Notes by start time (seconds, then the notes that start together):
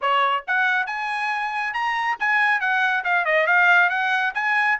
0.01 C#5
0.47 F#5
0.86 G#5
1.73 A#5
2.19 G#5
2.60 F#5
3.04 F5
3.25 D#5
3.47 F5
3.89 F#5
4.34 G#5